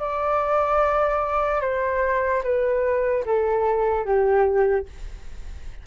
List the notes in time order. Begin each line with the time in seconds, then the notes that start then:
0.00 D5
1.62 C5
2.44 B4
3.26 A4
4.05 G4